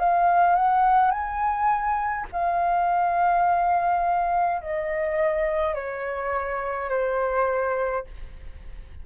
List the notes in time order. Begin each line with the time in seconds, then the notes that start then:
0.00 F5
0.56 F#5
1.11 G#5
2.33 F5
4.62 D#5
5.75 C#5
6.90 C5